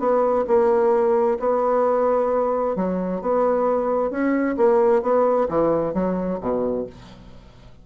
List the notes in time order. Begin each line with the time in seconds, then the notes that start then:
0.00 B3
0.48 A#3
1.40 B3
2.76 F#3
3.22 B3
4.11 C#4
4.57 A#3
5.03 B3
5.49 E3
5.94 F#3
6.41 B2